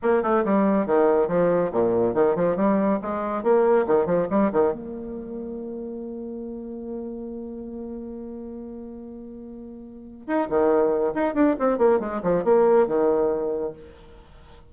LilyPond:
\new Staff \with { instrumentName = "bassoon" } { \time 4/4 \tempo 4 = 140 ais8 a8 g4 dis4 f4 | ais,4 dis8 f8 g4 gis4 | ais4 dis8 f8 g8 dis8 ais4~ | ais1~ |
ais1~ | ais1 | dis'8 dis4. dis'8 d'8 c'8 ais8 | gis8 f8 ais4 dis2 | }